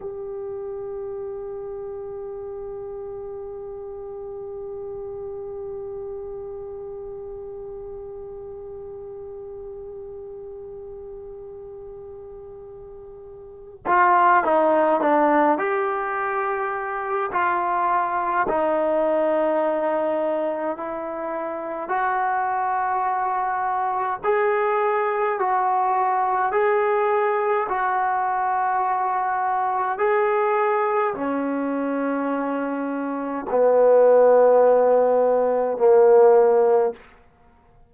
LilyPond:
\new Staff \with { instrumentName = "trombone" } { \time 4/4 \tempo 4 = 52 g'1~ | g'1~ | g'1 | f'8 dis'8 d'8 g'4. f'4 |
dis'2 e'4 fis'4~ | fis'4 gis'4 fis'4 gis'4 | fis'2 gis'4 cis'4~ | cis'4 b2 ais4 | }